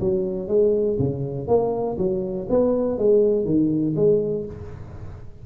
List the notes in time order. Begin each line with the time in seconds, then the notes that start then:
0.00 F#3
0.48 G#3
0.99 C#3
1.47 A#3
1.98 F#3
2.49 B3
2.98 G#3
3.45 D#3
3.96 G#3